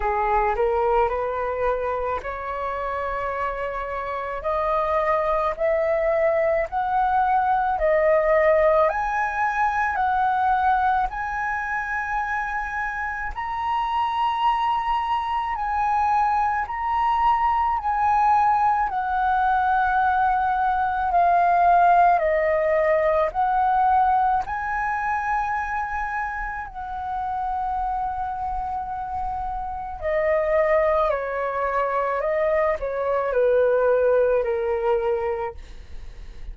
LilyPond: \new Staff \with { instrumentName = "flute" } { \time 4/4 \tempo 4 = 54 gis'8 ais'8 b'4 cis''2 | dis''4 e''4 fis''4 dis''4 | gis''4 fis''4 gis''2 | ais''2 gis''4 ais''4 |
gis''4 fis''2 f''4 | dis''4 fis''4 gis''2 | fis''2. dis''4 | cis''4 dis''8 cis''8 b'4 ais'4 | }